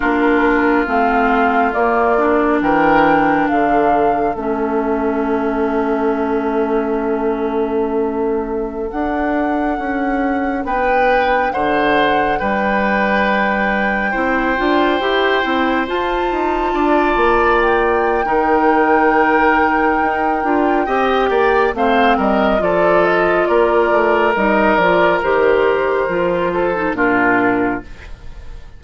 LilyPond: <<
  \new Staff \with { instrumentName = "flute" } { \time 4/4 \tempo 4 = 69 ais'4 f''4 d''4 g''4 | f''4 e''2.~ | e''2~ e''16 fis''4.~ fis''16~ | fis''16 g''4 fis''4 g''4.~ g''16~ |
g''2~ g''16 a''4.~ a''16~ | a''16 g''2.~ g''8.~ | g''4 f''8 dis''8 d''8 dis''8 d''4 | dis''8 d''8 c''2 ais'4 | }
  \new Staff \with { instrumentName = "oboe" } { \time 4/4 f'2. ais'4 | a'1~ | a'1~ | a'16 b'4 c''4 b'4.~ b'16~ |
b'16 c''2. d''8.~ | d''4 ais'2. | dis''8 d''8 c''8 ais'8 a'4 ais'4~ | ais'2~ ais'8 a'8 f'4 | }
  \new Staff \with { instrumentName = "clarinet" } { \time 4/4 d'4 c'4 ais8 d'4.~ | d'4 cis'2.~ | cis'2~ cis'16 d'4.~ d'16~ | d'1~ |
d'16 e'8 f'8 g'8 e'8 f'4.~ f'16~ | f'4 dis'2~ dis'8 f'8 | g'4 c'4 f'2 | dis'8 f'8 g'4 f'8. dis'16 d'4 | }
  \new Staff \with { instrumentName = "bassoon" } { \time 4/4 ais4 a4 ais4 e4 | d4 a2.~ | a2~ a16 d'4 cis'8.~ | cis'16 b4 d4 g4.~ g16~ |
g16 c'8 d'8 e'8 c'8 f'8 dis'8 d'8 ais16~ | ais4 dis2 dis'8 d'8 | c'8 ais8 a8 g8 f4 ais8 a8 | g8 f8 dis4 f4 ais,4 | }
>>